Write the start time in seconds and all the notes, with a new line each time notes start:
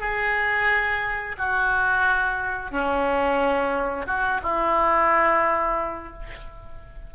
0.00 G#4
1.38 F#4
2.71 C#4
4.07 F#4
4.43 E4